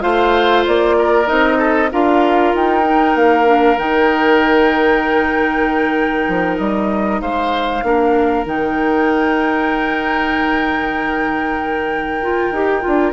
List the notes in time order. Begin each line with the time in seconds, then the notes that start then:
0.00 A3 F4 C5 F5
0.67 A#3 D5
0.98 A#4
1.26 C4 D#4 D#5
1.58 A4
1.92 D4 F4 A#4 F5
2.54 D#4 G5
2.83 D#4
3.15 A#3 F5
3.45 D4
3.78 D#3 D#4 G5
6.28 F3
6.58 G3 D#5
7.21 G#3 C5 F5
7.83 A#3 D4 A#4
8.45 D#3 D#4 G5
12.22 F4
12.51 D#4 G4
12.81 D4 F4